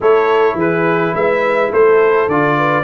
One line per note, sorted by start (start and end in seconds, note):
0.00 0.55 A3
0.00 2.29 E4
0.00 0.57 A4
0.00 0.59 C#5
0.55 1.12 E3
0.55 1.14 G#4
0.55 1.15 B4
1.14 1.71 G#3
1.14 1.70 B4
1.14 1.72 E5
1.70 2.27 A3
1.70 2.56 A4
1.70 2.29 C5
2.27 2.83 D3
2.27 2.83 F4
2.27 2.83 D5
2.57 2.83 B4